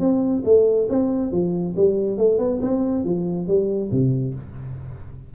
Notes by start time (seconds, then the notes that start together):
0.00 C4
0.45 A3
0.89 C4
1.32 F3
1.76 G3
2.18 A3
2.39 B3
2.61 C4
3.05 F3
3.48 G3
3.91 C3